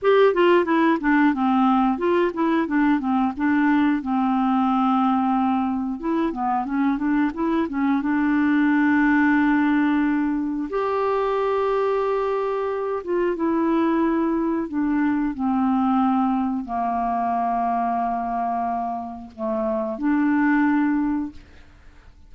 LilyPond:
\new Staff \with { instrumentName = "clarinet" } { \time 4/4 \tempo 4 = 90 g'8 f'8 e'8 d'8 c'4 f'8 e'8 | d'8 c'8 d'4 c'2~ | c'4 e'8 b8 cis'8 d'8 e'8 cis'8 | d'1 |
g'2.~ g'8 f'8 | e'2 d'4 c'4~ | c'4 ais2.~ | ais4 a4 d'2 | }